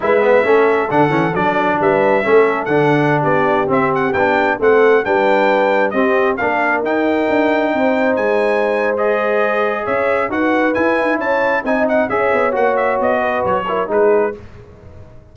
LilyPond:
<<
  \new Staff \with { instrumentName = "trumpet" } { \time 4/4 \tempo 4 = 134 e''2 fis''4 d''4 | e''2 fis''4~ fis''16 d''8.~ | d''16 e''8 fis''8 g''4 fis''4 g''8.~ | g''4~ g''16 dis''4 f''4 g''8.~ |
g''2~ g''16 gis''4.~ gis''16 | dis''2 e''4 fis''4 | gis''4 a''4 gis''8 fis''8 e''4 | fis''8 e''8 dis''4 cis''4 b'4 | }
  \new Staff \with { instrumentName = "horn" } { \time 4/4 b'4 a'2. | b'4 a'2~ a'16 g'8.~ | g'2~ g'16 a'4 b'8.~ | b'4~ b'16 g'4 ais'4.~ ais'16~ |
ais'4~ ais'16 c''2~ c''8.~ | c''2 cis''4 b'4~ | b'4 cis''4 dis''4 cis''4~ | cis''4. b'4 ais'8 gis'4 | }
  \new Staff \with { instrumentName = "trombone" } { \time 4/4 e'8 b8 cis'4 d'8 cis'8 d'4~ | d'4 cis'4 d'2~ | d'16 c'4 d'4 c'4 d'8.~ | d'4~ d'16 c'4 d'4 dis'8.~ |
dis'1 | gis'2. fis'4 | e'2 dis'4 gis'4 | fis'2~ fis'8 e'8 dis'4 | }
  \new Staff \with { instrumentName = "tuba" } { \time 4/4 gis4 a4 d8 e8 fis4 | g4 a4 d4~ d16 b8.~ | b16 c'4 b4 a4 g8.~ | g4~ g16 c'4 ais4 dis'8.~ |
dis'16 d'4 c'4 gis4.~ gis16~ | gis2 cis'4 dis'4 | e'8 dis'8 cis'4 c'4 cis'8 b8 | ais4 b4 fis4 gis4 | }
>>